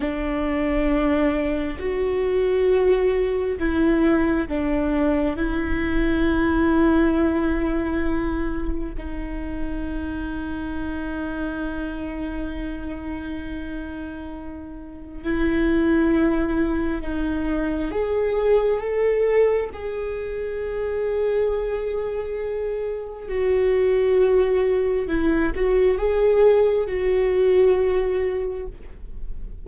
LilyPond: \new Staff \with { instrumentName = "viola" } { \time 4/4 \tempo 4 = 67 d'2 fis'2 | e'4 d'4 e'2~ | e'2 dis'2~ | dis'1~ |
dis'4 e'2 dis'4 | gis'4 a'4 gis'2~ | gis'2 fis'2 | e'8 fis'8 gis'4 fis'2 | }